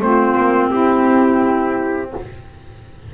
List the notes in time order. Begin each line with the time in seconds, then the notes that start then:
0.00 A3 C4 F4 C5
0.37 A#3
0.70 C4 E4 G4